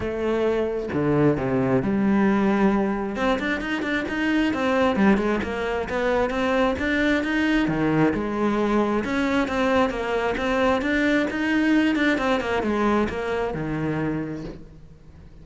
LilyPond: \new Staff \with { instrumentName = "cello" } { \time 4/4 \tempo 4 = 133 a2 d4 c4 | g2. c'8 d'8 | dis'8 d'8 dis'4 c'4 g8 gis8 | ais4 b4 c'4 d'4 |
dis'4 dis4 gis2 | cis'4 c'4 ais4 c'4 | d'4 dis'4. d'8 c'8 ais8 | gis4 ais4 dis2 | }